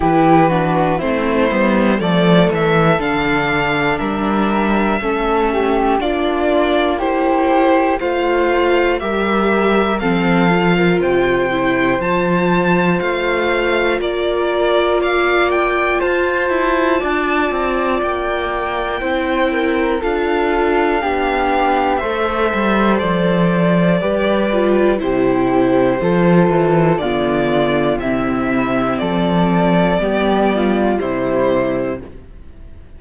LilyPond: <<
  \new Staff \with { instrumentName = "violin" } { \time 4/4 \tempo 4 = 60 b'4 c''4 d''8 e''8 f''4 | e''2 d''4 c''4 | f''4 e''4 f''4 g''4 | a''4 f''4 d''4 f''8 g''8 |
a''2 g''2 | f''2 e''4 d''4~ | d''4 c''2 d''4 | e''4 d''2 c''4 | }
  \new Staff \with { instrumentName = "flute" } { \time 4/4 g'8 fis'8 e'4 a'2 | ais'4 a'8 g'8 f'4 g'4 | c''4 ais'4 a'8. ais'16 c''4~ | c''2 ais'4 d''4 |
c''4 d''2 c''8 ais'8 | a'4 g'4 c''2 | b'4 g'4 a'4 f'4 | e'4 a'4 g'8 f'8 e'4 | }
  \new Staff \with { instrumentName = "viola" } { \time 4/4 e'8 d'8 c'8 b8 a4 d'4~ | d'4 cis'4 d'4 e'4 | f'4 g'4 c'8 f'4 e'8 | f'1~ |
f'2. e'4 | f'4 d'4 a'2 | g'8 f'8 e'4 f'4 b4 | c'2 b4 g4 | }
  \new Staff \with { instrumentName = "cello" } { \time 4/4 e4 a8 g8 f8 e8 d4 | g4 a4 ais2 | a4 g4 f4 c4 | f4 a4 ais2 |
f'8 e'8 d'8 c'8 ais4 c'4 | d'4 b4 a8 g8 f4 | g4 c4 f8 e8 d4 | c4 f4 g4 c4 | }
>>